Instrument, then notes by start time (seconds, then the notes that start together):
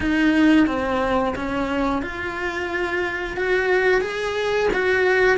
cello
0.00 D#4
0.66 C4
1.35 C#4
2.01 F4
3.36 F#4
4.01 G#4
4.73 F#4